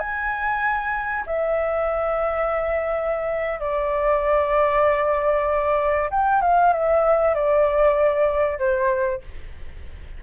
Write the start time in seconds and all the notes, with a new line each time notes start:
0.00 G#5
1.26 E5
3.60 D5
6.11 G5
6.42 F5
6.73 E5
7.35 D5
8.59 C5